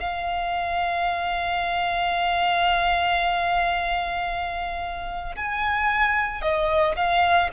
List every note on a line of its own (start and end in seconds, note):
0.00 5.36 F5
5.36 6.42 G#5
6.42 6.95 D#5
6.96 7.50 F5